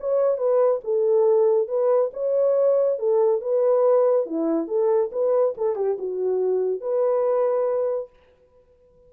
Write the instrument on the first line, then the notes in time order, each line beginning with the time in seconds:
horn
0.00 C#5
0.38 B4
0.84 A4
1.68 B4
2.13 C#5
2.99 A4
3.41 B4
4.26 E4
4.68 A4
5.12 B4
5.57 A4
5.76 G4
5.99 F#4
6.81 B4